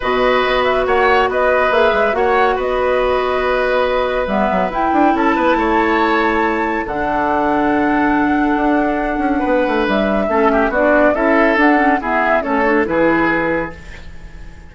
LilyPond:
<<
  \new Staff \with { instrumentName = "flute" } { \time 4/4 \tempo 4 = 140 dis''4. e''8 fis''4 dis''4 | e''4 fis''4 dis''2~ | dis''2 e''4 g''4 | a''1 |
fis''1~ | fis''2. e''4~ | e''4 d''4 e''4 fis''4 | e''4 cis''4 b'2 | }
  \new Staff \with { instrumentName = "oboe" } { \time 4/4 b'2 cis''4 b'4~ | b'4 cis''4 b'2~ | b'1 | a'8 b'8 cis''2. |
a'1~ | a'2 b'2 | a'8 g'8 fis'4 a'2 | gis'4 a'4 gis'2 | }
  \new Staff \with { instrumentName = "clarinet" } { \time 4/4 fis'1 | gis'4 fis'2.~ | fis'2 b4 e'4~ | e'1 |
d'1~ | d'1 | cis'4 d'4 e'4 d'8 cis'8 | b4 cis'8 d'8 e'2 | }
  \new Staff \with { instrumentName = "bassoon" } { \time 4/4 b,4 b4 ais4 b4 | ais8 gis8 ais4 b2~ | b2 g8 fis8 e'8 d'8 | cis'8 b8 a2. |
d1 | d'4. cis'8 b8 a8 g4 | a4 b4 cis'4 d'4 | e'4 a4 e2 | }
>>